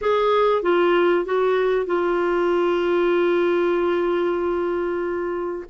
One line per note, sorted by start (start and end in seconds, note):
0.01 0.62 G#4
0.62 1.25 F4
1.25 1.85 F#4
1.85 5.64 F4